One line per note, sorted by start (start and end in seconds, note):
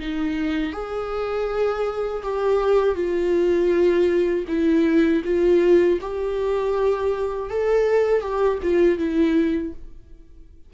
0.00 0.73 D#4
0.73 2.23 G#4
2.23 2.95 G4
2.95 4.45 F4
4.48 5.23 E4
5.25 6.00 F4
6.01 7.50 G4
7.50 8.21 A4
8.21 8.59 G4
8.63 8.99 F4
8.99 9.74 E4